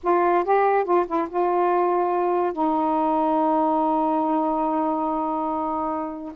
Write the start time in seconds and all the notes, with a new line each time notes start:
0.03 F4
0.44 G4
0.84 F4
1.06 E4
1.29 F4
2.52 D#4